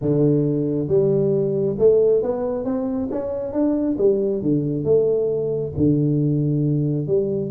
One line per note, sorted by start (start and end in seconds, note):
0.01 0.88 D3
0.88 1.76 G3
1.78 2.22 A3
2.22 2.65 B3
2.65 3.09 C4
3.11 3.52 C#4
3.52 3.96 D4
3.98 4.42 G3
4.42 4.84 D3
4.84 5.72 A3
5.77 7.07 D3
7.07 7.51 G3